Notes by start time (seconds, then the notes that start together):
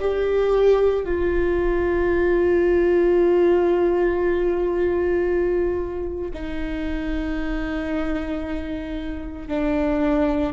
0.00 G4
1.05 F4
6.33 D#4
9.48 D4